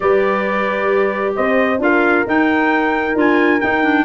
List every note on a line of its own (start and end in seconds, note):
0.00 1.36 G3
0.00 1.79 G4
0.00 1.35 B4
0.00 1.34 D5
1.35 1.78 C4
1.35 1.80 C5
1.35 1.81 D#5
1.78 2.23 D4
1.78 2.24 F4
1.78 4.05 A#4
1.78 2.28 F5
2.26 3.15 D#4
2.26 3.14 D#4
2.26 3.18 G5
3.14 3.60 D4
3.14 3.59 F4
3.14 3.60 G#5
3.60 3.82 D#4
3.60 4.05 D#4
3.60 4.05 G5
3.82 4.05 D4